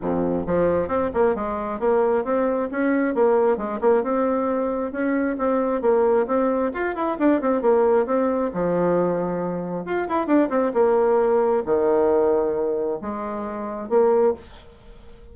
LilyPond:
\new Staff \with { instrumentName = "bassoon" } { \time 4/4 \tempo 4 = 134 f,4 f4 c'8 ais8 gis4 | ais4 c'4 cis'4 ais4 | gis8 ais8 c'2 cis'4 | c'4 ais4 c'4 f'8 e'8 |
d'8 c'8 ais4 c'4 f4~ | f2 f'8 e'8 d'8 c'8 | ais2 dis2~ | dis4 gis2 ais4 | }